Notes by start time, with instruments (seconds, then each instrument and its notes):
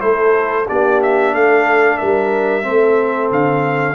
0.00 tuba A3, trombone E4, horn A4, trumpet C5
0.68 tuba A#3, trombone D4, horn G4, trumpet D5
1.03 trumpet E5
1.34 tuba A3, horn A4, trumpet F5
1.98 tuba G3, horn A#4, trumpet E5
2.63 tuba A3, trombone C4, horn A4
3.31 tuba D3, trumpet F5